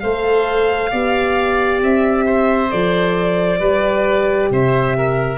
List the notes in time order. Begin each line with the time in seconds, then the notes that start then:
0.00 A3 A4 C5 F5
0.91 B3 G4 D5
1.82 C4 E5
2.26 C5
2.70 F3 A4 D5
3.60 G3 G4 B4
4.50 C3 C5 E5
4.98 A#4